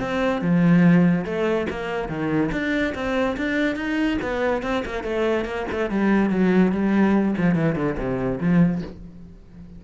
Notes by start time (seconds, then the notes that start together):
0.00 C4
0.42 F3
1.25 A3
1.70 A#3
2.09 D#3
2.52 D4
2.95 C4
3.37 D4
3.76 D#4
4.22 B3
4.63 C4
4.86 A#3
5.03 A3
5.45 A#3
5.72 A3
5.90 G3
6.30 F#3
6.72 G3
7.38 F3
7.55 E3
7.76 D3
7.98 C3
8.40 F3